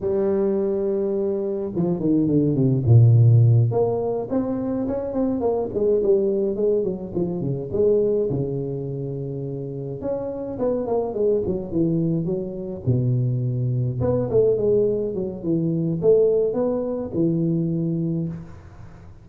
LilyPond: \new Staff \with { instrumentName = "tuba" } { \time 4/4 \tempo 4 = 105 g2. f8 dis8 | d8 c8 ais,4. ais4 c'8~ | c'8 cis'8 c'8 ais8 gis8 g4 gis8 | fis8 f8 cis8 gis4 cis4.~ |
cis4. cis'4 b8 ais8 gis8 | fis8 e4 fis4 b,4.~ | b,8 b8 a8 gis4 fis8 e4 | a4 b4 e2 | }